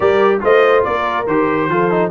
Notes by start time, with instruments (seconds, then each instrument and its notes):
0.00 tuba G3, trombone G4, horn A#4, trumpet D5
0.40 tuba A3, trombone F4, horn C5, trumpet D#5
0.84 tuba A#3, horn A#4, trumpet D5
1.27 tuba D#3, trombone G4, trumpet C5
1.69 tuba F3, trombone F4, horn A4
1.90 trombone D#4